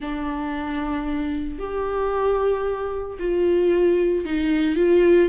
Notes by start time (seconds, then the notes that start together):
0.00 D4
1.58 G4
3.19 F4
4.25 D#4
4.76 F4